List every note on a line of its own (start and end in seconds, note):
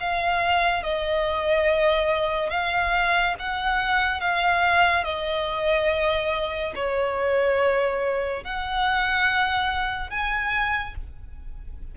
0.00 0.83 F5
0.83 2.50 D#5
2.50 3.35 F5
3.39 4.21 F#5
4.21 5.04 F5
5.04 6.73 D#5
6.75 8.44 C#5
8.44 10.10 F#5
10.10 10.95 G#5